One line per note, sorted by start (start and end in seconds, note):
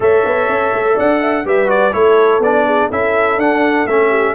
0.00 0.23 A3
0.00 1.44 A4
0.00 0.94 C#5
0.00 0.99 E5
0.24 0.48 B3
0.48 0.72 C#4
0.72 0.96 A3
0.94 1.44 D4
0.94 1.19 D5
0.94 1.47 F#5
1.20 1.44 E5
1.44 1.93 G3
1.44 1.66 G4
1.44 1.94 B4
1.44 1.70 E5
1.66 1.90 F#4
1.66 1.93 D5
1.92 2.39 A3
1.92 2.41 E4
1.92 2.66 A4
1.92 2.41 C#5
2.39 2.87 B3
2.39 2.91 D4
2.39 2.91 D5
2.66 2.88 G#4
2.88 3.36 C#4
2.88 3.39 E4
2.88 4.09 A4
2.88 3.39 E5
3.36 3.85 D4
3.36 3.88 D4
3.36 3.86 F#5
3.86 4.34 A3
3.86 4.34 C#4
3.86 4.34 E5
4.09 4.33 G4